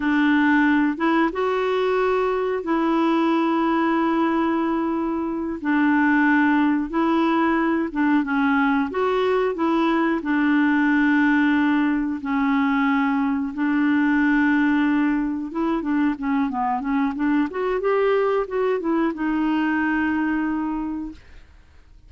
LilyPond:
\new Staff \with { instrumentName = "clarinet" } { \time 4/4 \tempo 4 = 91 d'4. e'8 fis'2 | e'1~ | e'8 d'2 e'4. | d'8 cis'4 fis'4 e'4 d'8~ |
d'2~ d'8 cis'4.~ | cis'8 d'2. e'8 | d'8 cis'8 b8 cis'8 d'8 fis'8 g'4 | fis'8 e'8 dis'2. | }